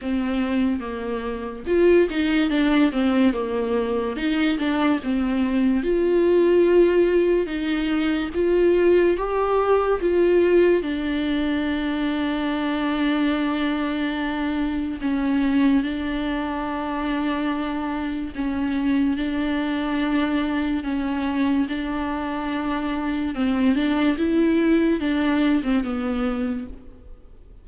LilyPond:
\new Staff \with { instrumentName = "viola" } { \time 4/4 \tempo 4 = 72 c'4 ais4 f'8 dis'8 d'8 c'8 | ais4 dis'8 d'8 c'4 f'4~ | f'4 dis'4 f'4 g'4 | f'4 d'2.~ |
d'2 cis'4 d'4~ | d'2 cis'4 d'4~ | d'4 cis'4 d'2 | c'8 d'8 e'4 d'8. c'16 b4 | }